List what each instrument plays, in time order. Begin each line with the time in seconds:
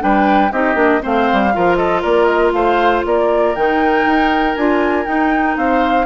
0.00 bassoon G3, clarinet D4, oboe B4, flute G5
0.52 bassoon C4, clarinet D#4, oboe G4, flute D#5
0.75 bassoon A#3, clarinet D4
1.01 bassoon A3, clarinet C4, oboe C5, flute F5
1.33 bassoon G3
1.54 bassoon F3, clarinet F4, oboe A#4
1.77 oboe A4, flute D#5
2.02 bassoon A#3, oboe A#4, flute D5
2.26 flute D#5
2.53 bassoon A3, oboe C5, flute F5
3.06 bassoon A#3, oboe A#4, flute D5
3.56 bassoon D#3, clarinet D#4, flute G5
4.06 bassoon D#4
4.56 bassoon D4, clarinet F4, flute G#5
5.06 clarinet D#4, bassoon D#4, flute G5
5.57 bassoon C4, oboe C5, flute F5